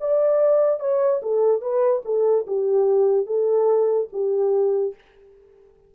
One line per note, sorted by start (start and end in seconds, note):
0.00 0.80 D5
0.80 1.21 C#5
1.22 1.61 A4
1.61 2.02 B4
2.05 2.46 A4
2.47 3.26 G4
3.26 4.08 A4
4.12 4.95 G4